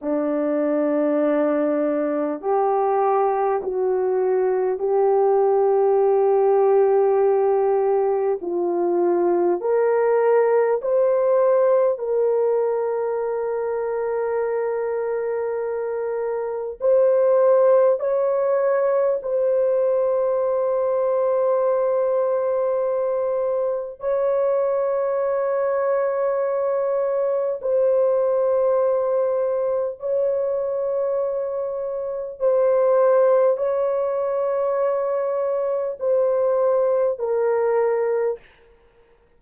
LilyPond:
\new Staff \with { instrumentName = "horn" } { \time 4/4 \tempo 4 = 50 d'2 g'4 fis'4 | g'2. f'4 | ais'4 c''4 ais'2~ | ais'2 c''4 cis''4 |
c''1 | cis''2. c''4~ | c''4 cis''2 c''4 | cis''2 c''4 ais'4 | }